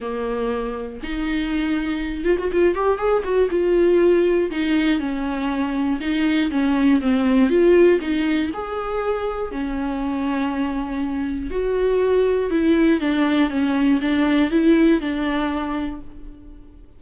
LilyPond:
\new Staff \with { instrumentName = "viola" } { \time 4/4 \tempo 4 = 120 ais2 dis'2~ | dis'8 f'16 fis'16 f'8 g'8 gis'8 fis'8 f'4~ | f'4 dis'4 cis'2 | dis'4 cis'4 c'4 f'4 |
dis'4 gis'2 cis'4~ | cis'2. fis'4~ | fis'4 e'4 d'4 cis'4 | d'4 e'4 d'2 | }